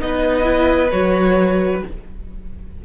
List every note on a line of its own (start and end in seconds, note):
0.00 0.90 B3
0.00 0.44 D#4
0.00 1.85 B4
0.00 0.90 D#5
0.44 0.88 E4
0.91 1.82 F#3
0.91 1.81 F#4
0.91 1.81 C#5